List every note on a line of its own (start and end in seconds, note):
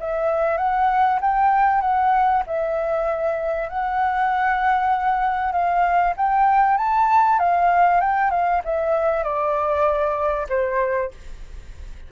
0.00 0.58 E5
0.58 1.19 F#5
1.21 1.81 G5
1.81 2.43 F#5
2.47 3.69 E5
3.69 5.52 F#5
5.52 6.14 F5
6.17 6.77 G5
6.77 7.39 A5
7.39 8.01 F5
8.01 8.31 G5
8.31 8.62 F5
8.65 9.23 E5
9.23 10.47 D5
10.49 11.11 C5